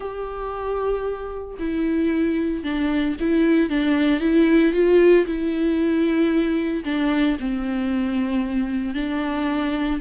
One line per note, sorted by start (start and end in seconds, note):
0.00 1.57 G4
1.59 2.63 E4
2.63 3.16 D4
3.20 3.69 E4
3.69 4.20 D4
4.20 4.72 E4
4.72 5.25 F4
5.25 6.83 E4
6.84 7.37 D4
7.39 8.94 C4
8.94 10.00 D4